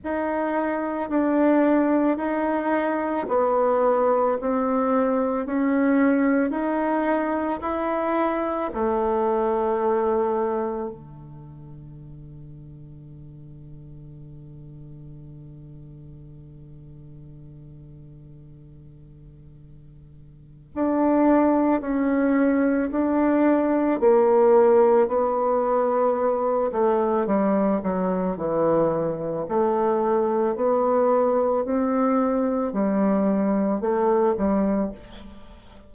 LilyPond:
\new Staff \with { instrumentName = "bassoon" } { \time 4/4 \tempo 4 = 55 dis'4 d'4 dis'4 b4 | c'4 cis'4 dis'4 e'4 | a2 d2~ | d1~ |
d2. d'4 | cis'4 d'4 ais4 b4~ | b8 a8 g8 fis8 e4 a4 | b4 c'4 g4 a8 g8 | }